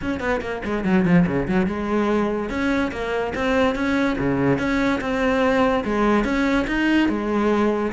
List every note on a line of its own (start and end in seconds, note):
0.01 0.20 C#4
0.20 0.41 B3
0.41 0.62 A#3
0.65 0.84 G#3
0.84 1.05 F#3
1.05 1.26 F3
1.27 1.47 C#3
1.48 1.66 F#3
1.66 2.49 G#3
2.49 2.91 C#4
2.91 3.33 A#3
3.34 3.75 C4
3.75 4.16 C#4
4.18 4.58 C#3
4.58 4.99 C#4
5.00 5.84 C4
5.84 6.24 G#3
6.24 6.66 C#4
6.67 7.08 D#4
7.08 7.92 G#3